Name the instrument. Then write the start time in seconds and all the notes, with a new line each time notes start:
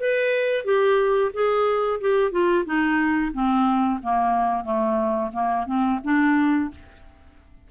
clarinet
0.00 B4
0.65 G4
1.33 G#4
2.01 G4
2.32 F4
2.65 D#4
3.33 C4
4.03 A#3
4.64 A3
5.33 A#3
5.66 C4
6.04 D4